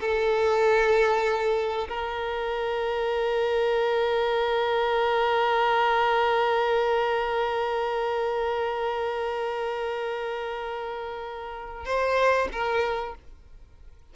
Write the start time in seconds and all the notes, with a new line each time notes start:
0.00 A4
1.88 A#4
11.85 C5
12.52 A#4